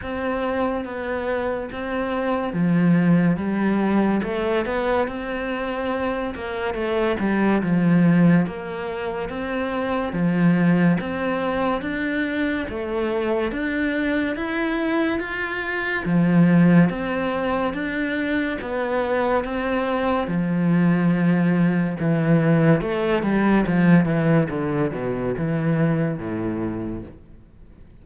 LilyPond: \new Staff \with { instrumentName = "cello" } { \time 4/4 \tempo 4 = 71 c'4 b4 c'4 f4 | g4 a8 b8 c'4. ais8 | a8 g8 f4 ais4 c'4 | f4 c'4 d'4 a4 |
d'4 e'4 f'4 f4 | c'4 d'4 b4 c'4 | f2 e4 a8 g8 | f8 e8 d8 b,8 e4 a,4 | }